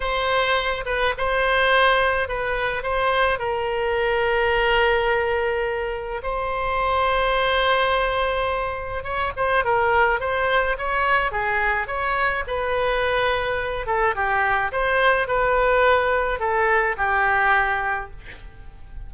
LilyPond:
\new Staff \with { instrumentName = "oboe" } { \time 4/4 \tempo 4 = 106 c''4. b'8 c''2 | b'4 c''4 ais'2~ | ais'2. c''4~ | c''1 |
cis''8 c''8 ais'4 c''4 cis''4 | gis'4 cis''4 b'2~ | b'8 a'8 g'4 c''4 b'4~ | b'4 a'4 g'2 | }